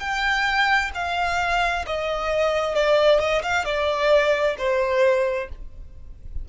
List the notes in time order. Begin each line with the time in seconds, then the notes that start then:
0.00 G5
0.94 F5
1.86 D#5
2.75 D5
3.19 D#5
3.43 F5
3.65 D5
4.58 C5